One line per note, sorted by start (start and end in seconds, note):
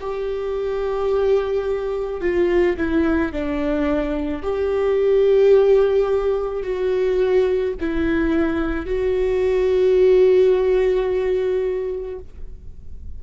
0.00 2.21 G4
2.21 2.76 F4
2.77 3.32 E4
3.32 4.42 D4
4.42 6.63 G4
6.63 7.74 F#4
7.80 8.85 E4
8.85 12.19 F#4